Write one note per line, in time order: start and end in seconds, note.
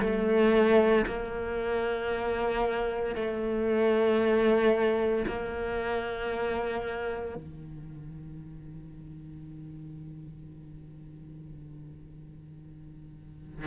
0.00 1.05 A3
1.07 3.15 A#3
3.15 5.26 A3
5.27 7.35 A#3
7.35 13.67 D#3